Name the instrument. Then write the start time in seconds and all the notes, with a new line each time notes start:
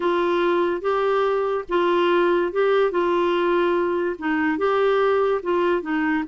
clarinet
0.00 F4
0.81 G4
1.69 F4
2.52 G4
2.91 F4
4.18 D#4
4.58 G4
5.42 F4
5.82 D#4